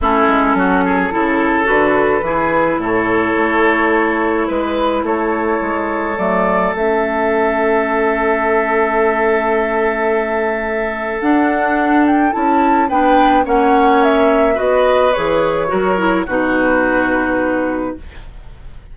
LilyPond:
<<
  \new Staff \with { instrumentName = "flute" } { \time 4/4 \tempo 4 = 107 a'2. b'4~ | b'4 cis''2. | b'4 cis''2 d''4 | e''1~ |
e''1 | fis''4. g''8 a''4 g''4 | fis''4 e''4 dis''4 cis''4~ | cis''4 b'2. | }
  \new Staff \with { instrumentName = "oboe" } { \time 4/4 e'4 fis'8 gis'8 a'2 | gis'4 a'2. | b'4 a'2.~ | a'1~ |
a'1~ | a'2. b'4 | cis''2 b'2 | ais'4 fis'2. | }
  \new Staff \with { instrumentName = "clarinet" } { \time 4/4 cis'2 e'4 fis'4 | e'1~ | e'2. a4 | cis'1~ |
cis'1 | d'2 e'4 d'4 | cis'2 fis'4 gis'4 | fis'8 e'8 dis'2. | }
  \new Staff \with { instrumentName = "bassoon" } { \time 4/4 a8 gis8 fis4 cis4 d4 | e4 a,4 a2 | gis4 a4 gis4 fis4 | a1~ |
a1 | d'2 cis'4 b4 | ais2 b4 e4 | fis4 b,2. | }
>>